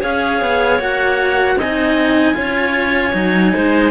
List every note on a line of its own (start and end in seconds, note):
0.00 0.41 C#4
0.00 0.79 G#4
0.00 1.56 C#5
0.00 0.81 F5
0.41 0.79 B3
0.79 1.55 A#3
0.79 1.57 F#4
0.79 1.59 F#5
1.55 2.33 C4
1.55 2.35 D#5
1.55 3.90 G#5
1.62 2.34 D#4
2.34 3.13 C#4
2.34 3.12 F4
2.34 3.54 C#5
3.13 3.52 F#3
3.13 3.90 D#4
3.54 3.90 G#3
3.54 3.90 C5